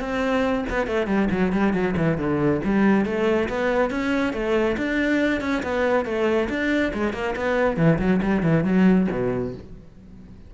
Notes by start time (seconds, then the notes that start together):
0.00 C4
0.70 B3
0.87 A3
1.07 G3
1.31 F#3
1.52 G3
1.73 F#3
1.97 E3
2.18 D3
2.64 G3
3.05 A3
3.49 B3
3.90 C#4
4.33 A3
4.77 D4
5.41 C#4
5.63 B3
6.05 A3
6.49 D4
6.94 G#3
7.13 A#3
7.36 B3
7.77 E3
7.99 F#3
8.22 G3
8.43 E3
8.64 F#3
9.11 B2